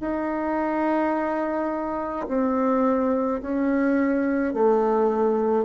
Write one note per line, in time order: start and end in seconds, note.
0.00 2.26 D#4
2.27 3.41 C4
3.41 4.53 C#4
4.53 5.64 A3